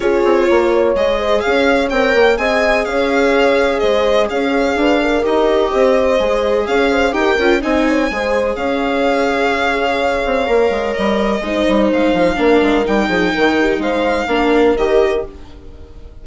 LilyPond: <<
  \new Staff \with { instrumentName = "violin" } { \time 4/4 \tempo 4 = 126 cis''2 dis''4 f''4 | g''4 gis''4 f''2 | dis''4 f''2 dis''4~ | dis''2 f''4 g''4 |
gis''2 f''2~ | f''2. dis''4~ | dis''4 f''2 g''4~ | g''4 f''2 dis''4 | }
  \new Staff \with { instrumentName = "horn" } { \time 4/4 gis'4 ais'8 cis''4 c''8 cis''4~ | cis''4 dis''4 cis''2 | c''4 cis''4 b'8 ais'4. | c''2 cis''8 c''8 ais'4 |
dis''8 cis''8 c''4 cis''2~ | cis''1 | c''2 ais'4. gis'8 | ais'8 g'8 c''4 ais'2 | }
  \new Staff \with { instrumentName = "viola" } { \time 4/4 f'2 gis'2 | ais'4 gis'2.~ | gis'2. g'4~ | g'4 gis'2 g'8 f'8 |
dis'4 gis'2.~ | gis'2 ais'2 | dis'2 d'4 dis'4~ | dis'2 d'4 g'4 | }
  \new Staff \with { instrumentName = "bassoon" } { \time 4/4 cis'8 c'8 ais4 gis4 cis'4 | c'8 ais8 c'4 cis'2 | gis4 cis'4 d'4 dis'4 | c'4 gis4 cis'4 dis'8 cis'8 |
c'4 gis4 cis'2~ | cis'4. c'8 ais8 gis8 g4 | gis8 g8 gis8 f8 ais8 gis8 g8 f8 | dis4 gis4 ais4 dis4 | }
>>